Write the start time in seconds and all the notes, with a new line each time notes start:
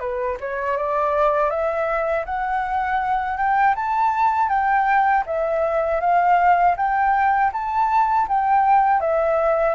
0.00 B4
0.40 C#5
0.77 D5
1.50 E5
2.26 F#5
3.38 G5
3.76 A5
4.49 G5
5.26 E5
6.01 F5
6.77 G5
7.53 A5
8.29 G5
9.01 E5